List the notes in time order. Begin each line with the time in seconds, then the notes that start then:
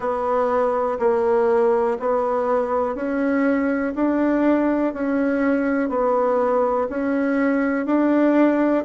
0.00 B3
0.99 A#3
1.99 B3
2.95 C#4
3.95 D4
4.93 C#4
5.89 B3
6.89 C#4
7.86 D4